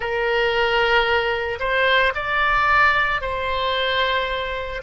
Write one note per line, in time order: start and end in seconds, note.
0.00 1.58 A#4
1.59 2.13 C5
2.14 3.21 D5
3.21 4.82 C5